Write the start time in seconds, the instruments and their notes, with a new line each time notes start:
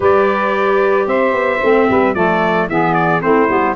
0.00 tuba G3, clarinet G4, saxophone B4, trumpet D5
1.06 tuba C4, saxophone C5, trumpet E5
1.32 tuba B3
1.62 tuba A3, clarinet C4
1.90 tuba G3, saxophone B4
2.14 tuba F3, clarinet A3, saxophone A4, trumpet D5
2.68 tuba E3, clarinet B3, saxophone G#4, trumpet E5
2.94 trumpet D5
3.20 tuba A3, clarinet C4, saxophone E4, trumpet C5
3.47 tuba G3, clarinet B3